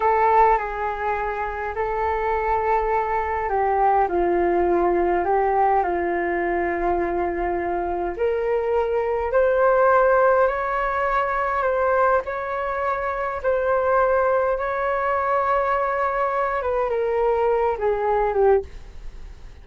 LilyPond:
\new Staff \with { instrumentName = "flute" } { \time 4/4 \tempo 4 = 103 a'4 gis'2 a'4~ | a'2 g'4 f'4~ | f'4 g'4 f'2~ | f'2 ais'2 |
c''2 cis''2 | c''4 cis''2 c''4~ | c''4 cis''2.~ | cis''8 b'8 ais'4. gis'4 g'8 | }